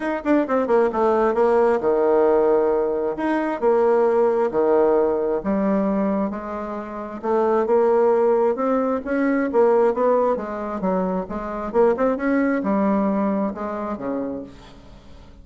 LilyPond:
\new Staff \with { instrumentName = "bassoon" } { \time 4/4 \tempo 4 = 133 dis'8 d'8 c'8 ais8 a4 ais4 | dis2. dis'4 | ais2 dis2 | g2 gis2 |
a4 ais2 c'4 | cis'4 ais4 b4 gis4 | fis4 gis4 ais8 c'8 cis'4 | g2 gis4 cis4 | }